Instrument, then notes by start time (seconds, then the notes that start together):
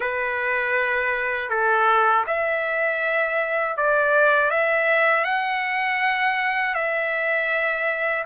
trumpet
0.00 B4
1.49 A4
2.27 E5
3.76 D5
4.50 E5
5.24 F#5
6.74 E5